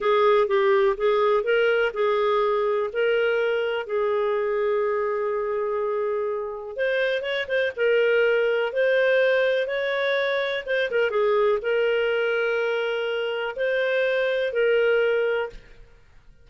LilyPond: \new Staff \with { instrumentName = "clarinet" } { \time 4/4 \tempo 4 = 124 gis'4 g'4 gis'4 ais'4 | gis'2 ais'2 | gis'1~ | gis'2 c''4 cis''8 c''8 |
ais'2 c''2 | cis''2 c''8 ais'8 gis'4 | ais'1 | c''2 ais'2 | }